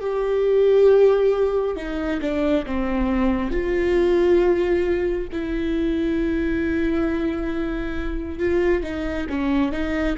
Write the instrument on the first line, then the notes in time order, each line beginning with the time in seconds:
viola
0.00 G4
1.76 D#4
2.21 D4
2.66 C4
3.51 F4
5.32 E4
8.39 F4
8.82 D#4
9.29 C#4
9.72 D#4